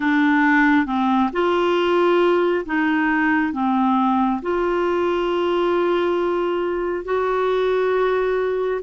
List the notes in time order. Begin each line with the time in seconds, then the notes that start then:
0.00 D4
0.86 C4
1.32 F4
2.65 D#4
3.53 C4
4.42 F4
7.04 F#4